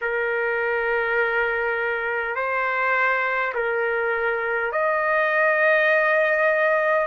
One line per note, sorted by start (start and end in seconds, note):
0.01 2.35 A#4
2.35 3.53 C5
3.54 4.72 A#4
4.72 7.06 D#5